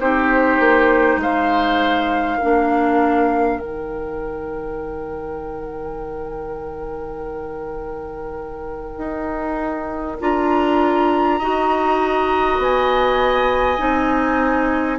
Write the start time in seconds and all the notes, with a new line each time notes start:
0.00 C4 D#4 G4 C5
0.59 A#3
1.17 G#3 C5 F5
2.38 D4 A#4
2.44 A#3
3.59 D#3 D#4 G5
8.97 D#4
10.20 D4 F4 A#5
11.39 D#4 F#4 D#5
12.59 B3 G#5
13.78 C4 D#4